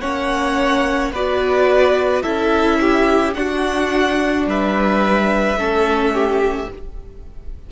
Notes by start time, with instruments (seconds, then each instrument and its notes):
0.00 cello A#3, viola C#4, violin C#5 F#5
1.11 cello B3, viola F#4, violin B4 D5
2.22 cello C#4, viola E4, violin A4 E5
2.80 violin G4
3.34 viola D4, cello D4, violin F#4 F#5
4.46 cello G3, violin B4 E5
5.56 cello A3, viola C#4, violin A4
6.13 violin G4